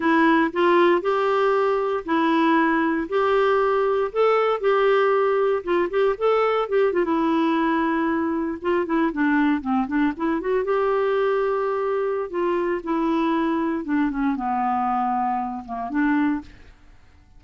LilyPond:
\new Staff \with { instrumentName = "clarinet" } { \time 4/4 \tempo 4 = 117 e'4 f'4 g'2 | e'2 g'2 | a'4 g'2 f'8 g'8 | a'4 g'8 f'16 e'2~ e'16~ |
e'8. f'8 e'8 d'4 c'8 d'8 e'16~ | e'16 fis'8 g'2.~ g'16 | f'4 e'2 d'8 cis'8 | b2~ b8 ais8 d'4 | }